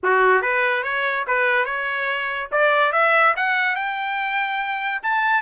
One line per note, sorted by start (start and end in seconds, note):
0.03 0.42 F#4
0.42 0.83 B4
0.83 1.25 C#5
1.27 1.65 B4
1.65 2.49 C#5
2.51 2.92 D5
2.92 3.34 E5
3.36 3.75 F#5
3.75 5.01 G5
5.02 5.41 A5